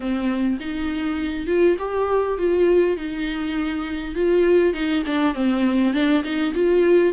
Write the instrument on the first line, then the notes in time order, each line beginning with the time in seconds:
viola
0.00 C4
0.60 D#4
1.47 F4
1.78 G4
2.38 F4
2.96 D#4
4.15 F4
4.73 D#4
5.05 D4
5.34 C4
5.93 D4
6.23 D#4
6.54 F4